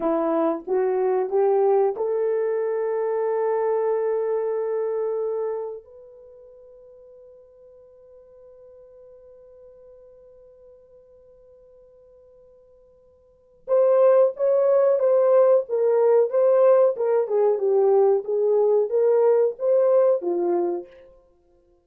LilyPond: \new Staff \with { instrumentName = "horn" } { \time 4/4 \tempo 4 = 92 e'4 fis'4 g'4 a'4~ | a'1~ | a'4 b'2.~ | b'1~ |
b'1~ | b'4 c''4 cis''4 c''4 | ais'4 c''4 ais'8 gis'8 g'4 | gis'4 ais'4 c''4 f'4 | }